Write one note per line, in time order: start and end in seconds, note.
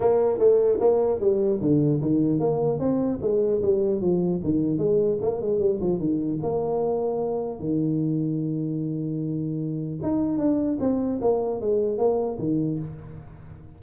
0.00 0.38 A#3
0.38 0.78 A3
0.80 1.20 A#3
1.20 1.60 G3
1.60 2.00 D3
2.01 2.39 D#3
2.39 2.79 A#3
2.79 3.19 C4
3.21 3.61 G#3
3.62 4.00 G3
4.00 4.40 F3
4.43 4.77 D#3
4.77 5.17 G#3
5.21 5.41 A#3
5.41 5.59 G#3
5.59 5.79 G3
5.80 5.99 F3
5.99 6.39 D#3
6.42 7.59 A#3
7.59 9.99 D#3
10.02 10.38 D#4
10.38 10.78 D4
10.79 11.19 C4
11.21 11.61 A#3
11.61 11.98 G#3
11.98 12.38 A#3
12.39 12.79 D#3